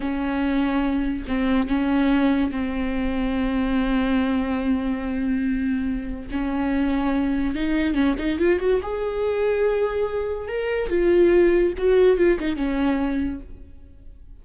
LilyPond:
\new Staff \with { instrumentName = "viola" } { \time 4/4 \tempo 4 = 143 cis'2. c'4 | cis'2 c'2~ | c'1~ | c'2. cis'4~ |
cis'2 dis'4 cis'8 dis'8 | f'8 fis'8 gis'2.~ | gis'4 ais'4 f'2 | fis'4 f'8 dis'8 cis'2 | }